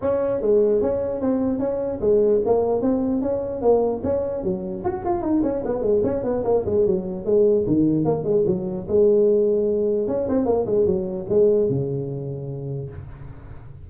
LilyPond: \new Staff \with { instrumentName = "tuba" } { \time 4/4 \tempo 4 = 149 cis'4 gis4 cis'4 c'4 | cis'4 gis4 ais4 c'4 | cis'4 ais4 cis'4 fis4 | fis'8 f'8 dis'8 cis'8 b8 gis8 cis'8 b8 |
ais8 gis8 fis4 gis4 dis4 | ais8 gis8 fis4 gis2~ | gis4 cis'8 c'8 ais8 gis8 fis4 | gis4 cis2. | }